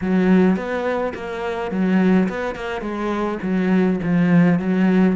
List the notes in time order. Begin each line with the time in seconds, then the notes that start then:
0.01 F#3
0.56 B3
1.14 A#3
1.71 F#3
2.29 B3
2.55 A#3
2.81 G#3
3.42 F#3
4.02 F3
4.59 F#3